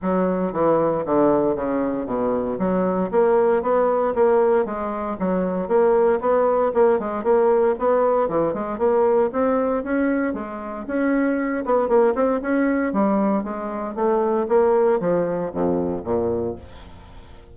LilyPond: \new Staff \with { instrumentName = "bassoon" } { \time 4/4 \tempo 4 = 116 fis4 e4 d4 cis4 | b,4 fis4 ais4 b4 | ais4 gis4 fis4 ais4 | b4 ais8 gis8 ais4 b4 |
e8 gis8 ais4 c'4 cis'4 | gis4 cis'4. b8 ais8 c'8 | cis'4 g4 gis4 a4 | ais4 f4 f,4 ais,4 | }